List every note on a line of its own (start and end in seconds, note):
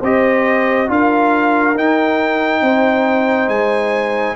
0.00 0.88 C4
0.00 0.87 G4
0.00 0.87 C5
0.00 0.91 D#5
0.87 1.75 D4
0.87 1.74 F4
0.87 2.62 A#4
0.87 1.77 F5
1.75 2.61 D#4
1.75 4.36 D#4
1.75 3.49 G5
2.61 3.48 C4
2.61 4.36 C5
3.48 4.35 G#3
3.48 4.36 G#5